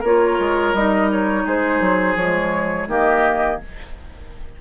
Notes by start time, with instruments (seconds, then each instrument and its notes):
0.00 bassoon A#3, clarinet F4, oboe A#4, flute C#5
0.39 bassoon G#3
0.73 bassoon G3, clarinet D#4, flute D#5
1.11 flute C#5
1.45 bassoon G#3, oboe G#4, flute C5
1.80 bassoon F#3
2.15 bassoon F3, clarinet G#3, flute C#5
2.87 bassoon D#3, clarinet A#3, oboe G4, flute D#5